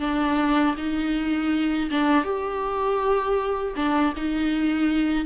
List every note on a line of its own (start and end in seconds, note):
0.00 0.75 D4
0.77 1.90 D#4
1.91 2.24 D4
2.24 3.74 G4
3.76 4.14 D4
4.16 5.25 D#4